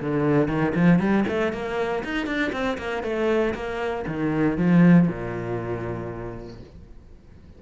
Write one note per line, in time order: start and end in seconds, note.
0.00 0.48 D3
0.48 0.73 D#3
0.74 0.99 F3
0.99 1.24 G3
1.28 1.52 A3
1.52 2.03 A#3
2.04 2.26 D#4
2.26 2.51 D4
2.52 2.77 C4
2.78 3.03 A#3
3.03 3.54 A3
3.54 4.05 A#3
4.07 4.57 D#3
4.57 5.08 F3
5.08 6.60 A#2